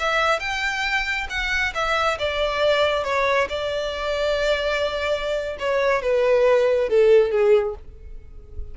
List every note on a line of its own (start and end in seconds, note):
0.00 0.40 E5
0.40 1.28 G5
1.30 1.74 F#5
1.75 2.18 E5
2.19 3.04 D5
3.04 3.48 C#5
3.50 5.58 D5
5.60 6.02 C#5
6.02 6.90 B4
6.90 7.31 A4
7.31 7.75 G#4